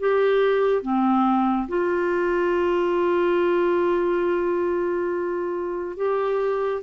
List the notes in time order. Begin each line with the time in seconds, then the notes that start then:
0.00 G4
0.82 C4
1.68 F4
5.96 G4